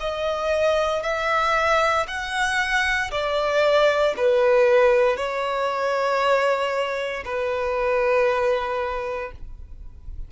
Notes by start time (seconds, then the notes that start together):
0.00 D#5
1.03 E5
2.07 F#5
3.11 D5
4.17 B4
5.17 C#5
7.25 B4